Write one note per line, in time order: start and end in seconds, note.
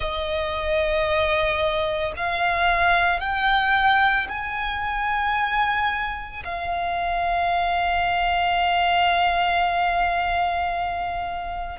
0.00 2.12 D#5
2.16 3.19 F5
3.19 4.27 G5
4.29 6.43 G#5
6.44 11.79 F5